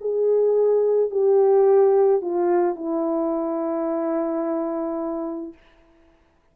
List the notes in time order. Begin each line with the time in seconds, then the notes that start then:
0.00 G#4
1.10 G4
2.21 F4
2.75 E4